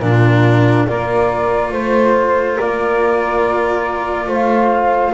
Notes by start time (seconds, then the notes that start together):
0.00 A#2 D4 F4 A#4
0.87 A#3 F4 A#4 D5
1.72 A3 C5
2.54 A#4 D5
2.61 A#3
4.27 A3 C5 F5